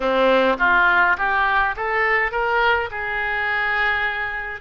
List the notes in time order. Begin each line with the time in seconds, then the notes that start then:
0.00 C4
0.58 F4
1.17 G4
1.76 A4
2.31 A#4
2.90 G#4